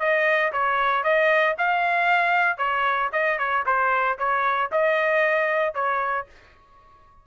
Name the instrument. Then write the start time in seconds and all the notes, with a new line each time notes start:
trumpet
0.00 D#5
0.52 C#5
1.04 D#5
1.58 F5
2.58 C#5
3.13 D#5
3.38 C#5
3.66 C5
4.18 C#5
4.72 D#5
5.74 C#5